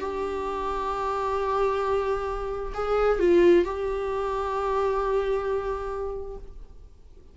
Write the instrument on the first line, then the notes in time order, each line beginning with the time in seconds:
viola
0.00 G4
2.74 G#4
3.19 F4
3.65 G4